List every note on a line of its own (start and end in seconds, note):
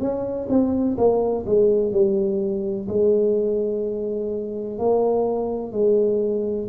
0.00 0.48 C#4
0.49 0.97 C4
0.97 1.45 A#3
1.46 1.92 G#3
1.92 2.87 G3
2.88 4.78 G#3
4.78 5.72 A#3
5.72 6.68 G#3